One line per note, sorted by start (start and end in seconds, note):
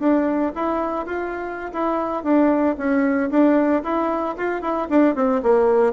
0.00 0.53 D4
0.56 1.06 E4
1.06 1.72 F4
1.73 2.24 E4
2.24 2.76 D4
2.78 3.30 C#4
3.31 3.83 D4
3.83 4.36 E4
4.37 4.62 F4
4.62 4.88 E4
4.90 5.15 D4
5.15 5.42 C4
5.43 5.94 A#3